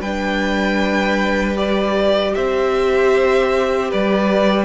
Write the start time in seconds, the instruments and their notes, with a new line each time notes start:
0.00 cello G3, viola D4, violin B4 G5
1.56 viola G4, violin D5
2.35 cello C4, violin C5 E5
3.90 cello G3, violin B4 D5